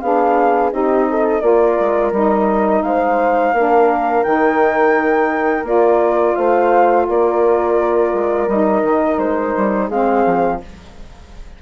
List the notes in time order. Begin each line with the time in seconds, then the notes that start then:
0.00 B3 D4 G#4 F5
0.71 C4 D#4 G4 D#5
1.10 A4
1.40 A#3 F4 A#4 D5
1.79 G#3
2.11 G3 D#4 D#5
2.82 G#3 C5 F5
3.52 A#3 D4 A#4
4.23 D#3 D#4 G5
5.63 A#3 F4 D5
6.35 A3 C5 F5
7.08 A#3 A#4 D5
8.13 G#3
8.47 G3 D#4 D#5
8.83 D#3
9.17 G#3 C5
9.57 G3
9.87 G#3 C4 G#4 F5
10.25 F3